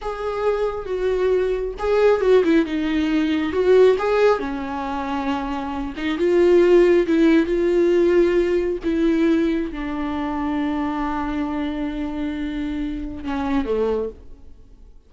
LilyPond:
\new Staff \with { instrumentName = "viola" } { \time 4/4 \tempo 4 = 136 gis'2 fis'2 | gis'4 fis'8 e'8 dis'2 | fis'4 gis'4 cis'2~ | cis'4. dis'8 f'2 |
e'4 f'2. | e'2 d'2~ | d'1~ | d'2 cis'4 a4 | }